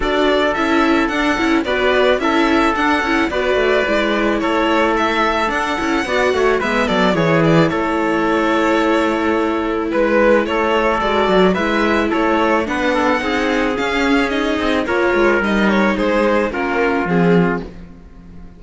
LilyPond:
<<
  \new Staff \with { instrumentName = "violin" } { \time 4/4 \tempo 4 = 109 d''4 e''4 fis''4 d''4 | e''4 fis''4 d''2 | cis''4 e''4 fis''2 | e''8 d''8 cis''8 d''8 cis''2~ |
cis''2 b'4 cis''4 | d''4 e''4 cis''4 fis''4~ | fis''4 f''4 dis''4 cis''4 | dis''8 cis''8 c''4 ais'4 gis'4 | }
  \new Staff \with { instrumentName = "trumpet" } { \time 4/4 a'2. b'4 | a'2 b'2 | a'2. d''8 cis''8 | b'8 a'8 gis'4 a'2~ |
a'2 b'4 a'4~ | a'4 b'4 a'4 b'8 a'8 | gis'2. ais'4~ | ais'4 gis'4 f'2 | }
  \new Staff \with { instrumentName = "viola" } { \time 4/4 fis'4 e'4 d'8 e'8 fis'4 | e'4 d'8 e'8 fis'4 e'4~ | e'2 d'8 e'8 fis'4 | b4 e'2.~ |
e'1 | fis'4 e'2 d'4 | dis'4 cis'4 dis'4 f'4 | dis'2 cis'4 c'4 | }
  \new Staff \with { instrumentName = "cello" } { \time 4/4 d'4 cis'4 d'8 cis'8 b4 | cis'4 d'8 cis'8 b8 a8 gis4 | a2 d'8 cis'8 b8 a8 | gis8 fis8 e4 a2~ |
a2 gis4 a4 | gis8 fis8 gis4 a4 b4 | c'4 cis'4. c'8 ais8 gis8 | g4 gis4 ais4 f4 | }
>>